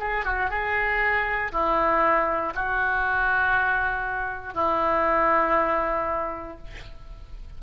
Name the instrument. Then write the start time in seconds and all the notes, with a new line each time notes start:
oboe
0.00 G#4
0.25 F#4
0.50 G#4
1.53 E4
2.55 F#4
4.54 E4